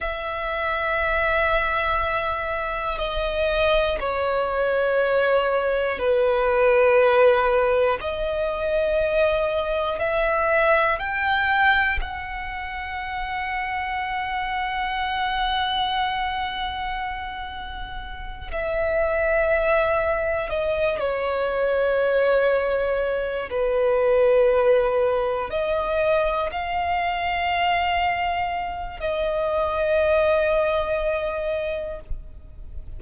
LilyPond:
\new Staff \with { instrumentName = "violin" } { \time 4/4 \tempo 4 = 60 e''2. dis''4 | cis''2 b'2 | dis''2 e''4 g''4 | fis''1~ |
fis''2~ fis''8 e''4.~ | e''8 dis''8 cis''2~ cis''8 b'8~ | b'4. dis''4 f''4.~ | f''4 dis''2. | }